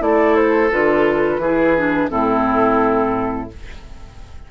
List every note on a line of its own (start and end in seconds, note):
0.00 0.71 A3
0.00 0.70 E4
0.00 1.42 A4
0.00 0.36 D5
0.36 0.71 C5
0.71 1.38 D3
0.71 1.41 F4
0.71 2.10 B4
1.38 2.08 E3
1.38 2.11 G#4
1.45 1.77 E4
1.77 2.09 D4
2.09 3.51 A2
2.09 3.49 C4
2.09 3.50 E4
2.09 3.50 A4